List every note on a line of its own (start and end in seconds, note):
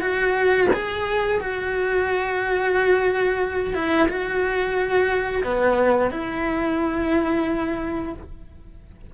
0.00 0.67 F#4
0.73 1.40 G#4
1.40 3.74 F#4
3.74 4.08 E4
4.08 5.43 F#4
5.44 6.11 B3
6.11 8.13 E4